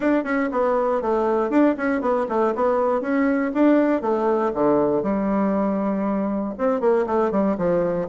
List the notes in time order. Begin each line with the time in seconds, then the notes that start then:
0.00 D4
0.23 C#4
0.51 B3
1.01 A3
1.50 D4
1.77 C#4
2.01 B3
2.28 A3
2.55 B3
3.01 C#4
3.54 D4
4.01 A3
4.54 D3
5.02 G3
6.58 C4
6.80 A#3
7.06 A3
7.31 G3
7.57 F3